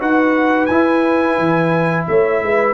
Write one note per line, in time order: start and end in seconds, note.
0.00 0.70 D#4
0.00 0.69 F#4
0.00 2.07 B4
0.00 0.66 F#5
0.66 1.38 E4
0.66 2.74 E4
0.66 2.04 G#5
1.38 2.07 E3
2.07 2.43 A3
2.07 2.44 C#5
2.07 2.74 E5
2.43 2.74 G#3
2.43 2.74 B4